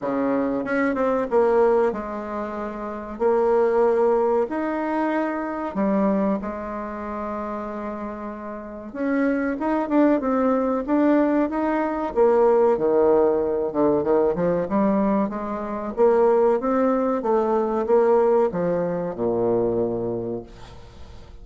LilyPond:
\new Staff \with { instrumentName = "bassoon" } { \time 4/4 \tempo 4 = 94 cis4 cis'8 c'8 ais4 gis4~ | gis4 ais2 dis'4~ | dis'4 g4 gis2~ | gis2 cis'4 dis'8 d'8 |
c'4 d'4 dis'4 ais4 | dis4. d8 dis8 f8 g4 | gis4 ais4 c'4 a4 | ais4 f4 ais,2 | }